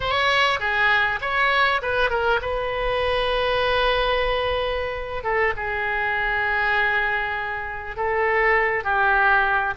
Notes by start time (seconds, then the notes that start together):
0.00 C#5
0.59 G#4
1.21 C#5
1.81 B4
2.10 A#4
2.41 B4
5.23 A4
5.56 G#4
7.96 A4
8.84 G4